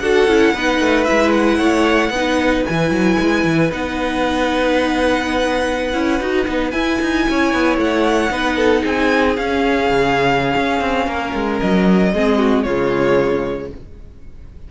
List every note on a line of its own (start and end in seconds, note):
0.00 0.27 D4
0.00 0.29 F#4
0.00 0.54 A4
0.00 1.04 F#5
0.27 0.54 C#4
0.27 0.55 E4
0.54 0.80 B3
0.54 1.06 D#4
0.54 1.58 B4
0.80 1.07 A3
1.04 2.12 E4
1.04 1.31 E5
1.11 1.59 G#3
1.32 2.64 F#5
1.58 2.10 A3
1.58 2.10 C#5
2.10 2.63 B3
2.10 2.68 D#4
2.10 7.27 B4
2.66 2.91 E3
2.66 3.71 E4
2.66 3.71 G#5
2.91 3.17 F#3
3.20 3.45 G#3
3.45 3.71 E3
3.71 5.94 B3
3.71 5.93 D#4
3.71 6.71 F#5
5.93 6.21 C#4
5.93 6.20 E4
6.21 6.47 D#4
6.21 6.46 F#4
6.46 6.73 B3
6.46 6.72 D#4
6.71 6.99 E4
6.71 8.31 E4
6.71 7.76 G#5
7.02 7.28 D#4
7.29 7.53 C#4
7.29 8.33 C#5
7.53 7.78 B3
7.78 8.30 A3
7.78 8.85 F#5
8.30 8.83 B3
8.30 9.36 D#4
8.30 8.57 B4
8.57 8.82 A4
8.82 9.37 C4
8.82 11.06 G#4
8.82 9.37 G#5
9.37 12.14 C#4
9.37 9.90 C#4
9.37 11.60 F5
9.90 10.56 C#3
10.56 10.81 C#4
10.81 11.07 C4
11.07 11.33 A#3
11.07 12.12 A#4
11.35 11.61 G#3
11.60 12.13 F#3
11.60 12.63 D#5
12.13 12.66 G#3
12.13 12.66 C4
12.13 12.38 G#4
12.38 12.64 F#4
12.63 13.71 C#3
12.63 13.72 G#3
12.63 13.69 F4
12.63 13.68 C#5